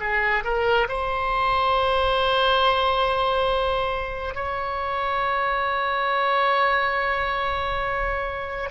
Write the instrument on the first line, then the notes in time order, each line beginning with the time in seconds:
oboe
0.00 G#4
0.44 A#4
0.88 C5
4.35 C#5